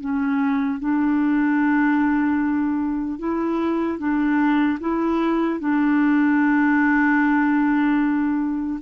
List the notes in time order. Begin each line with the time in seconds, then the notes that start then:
0.00 C#4
0.79 D4
3.18 E4
3.98 D4
4.80 E4
5.59 D4